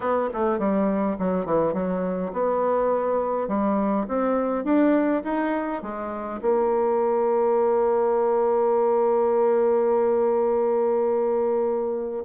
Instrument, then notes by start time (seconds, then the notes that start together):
bassoon
0.00 B3
0.33 A3
0.58 G3
1.18 F#3
1.45 E3
1.73 F#3
2.32 B3
3.48 G3
4.08 C4
4.64 D4
5.24 D#4
5.82 G#3
6.41 A#3